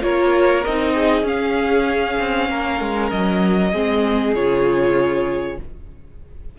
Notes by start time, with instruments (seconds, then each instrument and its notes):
0.00 cello A#3, viola F4, violin A#4 C#5
0.64 cello C4, viola D#4, violin D#5
0.94 violin G#4
1.22 cello C#4, viola C#4, violin F5
2.19 cello C4
2.49 cello A#3, violin A#4
2.80 cello G#3
3.10 cello F#3, violin D#5
3.71 cello G#3, viola C4, violin G#4
4.34 cello C#3, viola F4, violin C#5